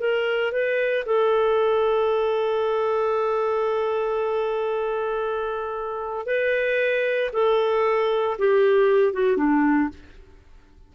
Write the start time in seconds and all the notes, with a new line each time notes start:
0.00 A#4
0.52 B4
1.06 A4
6.26 B4
7.33 A4
8.39 G4
9.13 F#4
9.37 D4